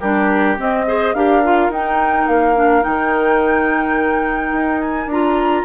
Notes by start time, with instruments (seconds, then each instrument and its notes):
0.00 bassoon G3, clarinet D4, oboe G4, flute A#4
0.57 clarinet C4, bassoon C4, flute D#5
0.87 clarinet G#4, oboe C5
1.14 bassoon D4, clarinet G4, oboe A#4, flute F5
1.43 clarinet F4
1.69 bassoon D#4, clarinet D#4, flute G5
2.27 bassoon A#3, flute F5
2.55 clarinet D4
2.81 bassoon D#3, clarinet D#4, flute G5
4.52 bassoon D#4
4.81 flute G#5
5.06 bassoon D4, clarinet F4, flute A#5